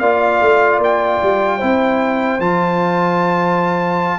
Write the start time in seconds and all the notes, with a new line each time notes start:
0.00 A#3 F4 D5 F5
0.41 A3
0.79 A#3 G5
1.23 G3
1.58 C4 E4 C5
2.39 F3 F4 A5